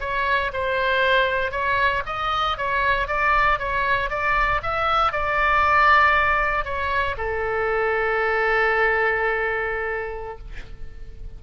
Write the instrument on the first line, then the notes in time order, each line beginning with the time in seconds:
oboe
0.00 C#5
0.53 C5
1.51 C#5
2.06 D#5
2.57 C#5
3.08 D5
3.59 C#5
4.10 D5
4.63 E5
5.12 D5
6.65 C#5
7.18 A4